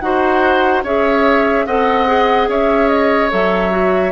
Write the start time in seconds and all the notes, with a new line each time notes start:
0.00 D#4 F#4 C5 F#5
0.83 C#4 G#4 C#5 E5
1.66 C4 A4 D#5 F#5
2.07 G#4
2.47 C#4 C#5 E5
2.88 D#5
3.30 F#3 A4 E5
3.71 F#4